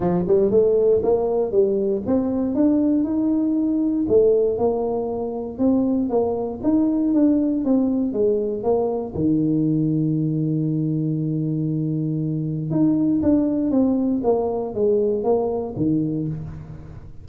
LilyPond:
\new Staff \with { instrumentName = "tuba" } { \time 4/4 \tempo 4 = 118 f8 g8 a4 ais4 g4 | c'4 d'4 dis'2 | a4 ais2 c'4 | ais4 dis'4 d'4 c'4 |
gis4 ais4 dis2~ | dis1~ | dis4 dis'4 d'4 c'4 | ais4 gis4 ais4 dis4 | }